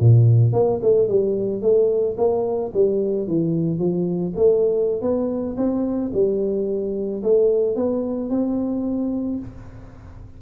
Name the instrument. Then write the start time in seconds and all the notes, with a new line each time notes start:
tuba
0.00 A#2
0.53 A#3
0.82 A3
1.08 G3
1.62 A3
2.17 A#3
2.74 G3
3.28 E3
3.79 F3
4.36 A3
5.02 B3
5.57 C4
6.13 G3
7.23 A3
7.76 B3
8.30 C4